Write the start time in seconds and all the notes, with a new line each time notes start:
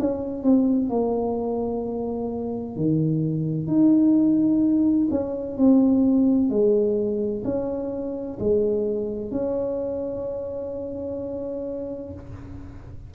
0.00 C#4
0.43 C4
0.90 A#3
2.77 D#3
3.68 D#4
5.11 C#4
5.57 C4
6.50 G#3
7.45 C#4
8.40 G#3
9.32 C#4